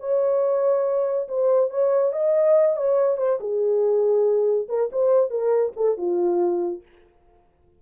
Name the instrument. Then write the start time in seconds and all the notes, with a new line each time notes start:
horn
0.00 C#5
1.28 C5
1.70 C#5
2.13 D#5
2.77 C#5
3.18 C5
3.41 G#4
4.69 A#4
4.92 C5
5.30 A#4
5.77 A4
5.97 F4